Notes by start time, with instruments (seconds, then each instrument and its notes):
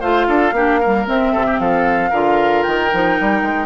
0.00 bassoon A3, clarinet F4, oboe C5, flute F5
0.27 bassoon D4, oboe A4
0.52 bassoon A#3, clarinet D4, oboe G4
0.80 clarinet G3, oboe A#4
1.07 clarinet C4, bassoon C4, flute E5
1.33 bassoon C3, oboe A4
1.46 oboe G4
1.59 bassoon F3, oboe A4, flute F5
2.10 bassoon D3, clarinet F4, oboe A#4
2.63 bassoon D#3, flute G5
2.91 bassoon F3, clarinet D#4
3.20 bassoon G3
3.42 bassoon G#3